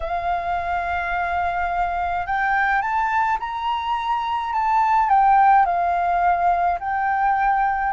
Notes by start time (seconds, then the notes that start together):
0.00 F5
2.26 G5
2.81 A5
3.39 A#5
4.52 A5
5.09 G5
5.65 F5
6.79 G5